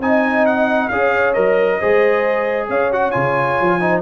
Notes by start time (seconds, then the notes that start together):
0.00 C4 D#4 D#5 G#5
0.46 F#5
0.89 C#4 G#4 C#5 F5
1.34 F#3 A#4 D#5
1.80 G#3 G#4 C5
2.69 C#4 C#5 F5
2.92 F#4 F#5
3.12 C#3 F4 G#5
3.61 F3
3.81 D#4 C5